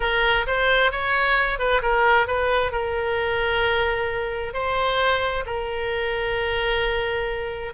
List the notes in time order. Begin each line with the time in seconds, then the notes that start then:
0.00 A#4
0.46 C5
0.91 C#5
1.58 B4
1.82 A#4
2.27 B4
2.71 A#4
4.53 C5
5.45 A#4